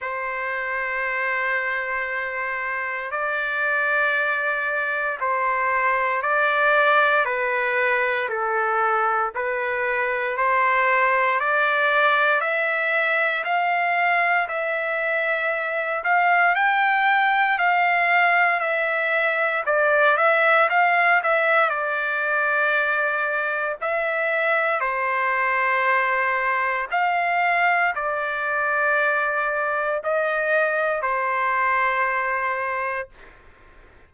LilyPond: \new Staff \with { instrumentName = "trumpet" } { \time 4/4 \tempo 4 = 58 c''2. d''4~ | d''4 c''4 d''4 b'4 | a'4 b'4 c''4 d''4 | e''4 f''4 e''4. f''8 |
g''4 f''4 e''4 d''8 e''8 | f''8 e''8 d''2 e''4 | c''2 f''4 d''4~ | d''4 dis''4 c''2 | }